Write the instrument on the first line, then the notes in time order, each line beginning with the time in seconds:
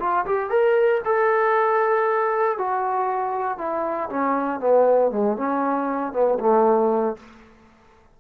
trombone
0.00 F4
0.26 G4
0.51 A#4
1.05 A4
2.59 F#4
3.59 E4
4.10 C#4
4.60 B3
5.12 G#3
5.38 C#4
6.13 B3
6.40 A3